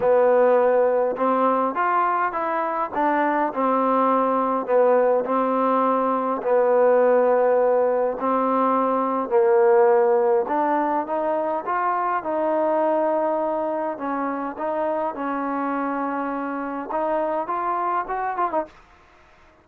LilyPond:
\new Staff \with { instrumentName = "trombone" } { \time 4/4 \tempo 4 = 103 b2 c'4 f'4 | e'4 d'4 c'2 | b4 c'2 b4~ | b2 c'2 |
ais2 d'4 dis'4 | f'4 dis'2. | cis'4 dis'4 cis'2~ | cis'4 dis'4 f'4 fis'8 f'16 dis'16 | }